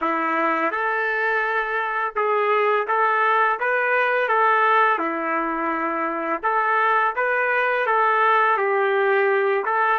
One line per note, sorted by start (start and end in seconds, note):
0.01 0.71 E4
0.71 2.14 A4
2.15 2.87 G#4
2.87 3.59 A4
3.59 4.28 B4
4.28 4.98 A4
4.98 6.41 E4
6.43 7.14 A4
7.15 7.86 B4
7.86 8.57 A4
8.57 9.64 G4
9.65 9.99 A4